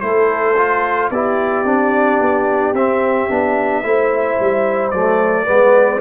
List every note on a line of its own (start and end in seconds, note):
0.00 1.10 A3
0.00 0.55 E4
0.00 1.11 A4
0.00 1.09 C5
0.56 1.11 F4
1.10 1.64 B3
1.10 1.65 E4
1.10 3.84 G4
1.10 2.74 D5
1.64 2.18 C4
1.64 2.74 D4
2.20 2.73 B3
2.73 3.28 C4
2.73 3.30 C4
2.73 4.90 E5
3.30 3.83 B3
3.30 3.83 D4
3.83 4.38 A3
3.83 4.92 E4
3.83 5.46 C5
4.39 4.92 G3
4.90 5.47 F#3
4.90 5.46 A3
4.90 6.00 D5
5.46 6.01 G#3
5.46 6.01 B3
5.46 6.00 B4